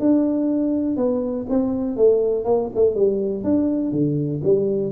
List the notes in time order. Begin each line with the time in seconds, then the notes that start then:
0.00 D4
0.97 B3
1.50 C4
1.97 A3
2.45 A#3
2.75 A3
2.95 G3
3.44 D4
3.92 D3
4.44 G3